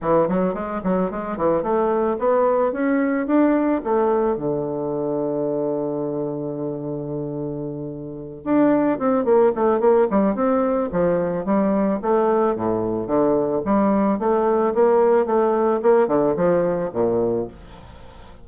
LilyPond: \new Staff \with { instrumentName = "bassoon" } { \time 4/4 \tempo 4 = 110 e8 fis8 gis8 fis8 gis8 e8 a4 | b4 cis'4 d'4 a4 | d1~ | d2.~ d8 d'8~ |
d'8 c'8 ais8 a8 ais8 g8 c'4 | f4 g4 a4 a,4 | d4 g4 a4 ais4 | a4 ais8 d8 f4 ais,4 | }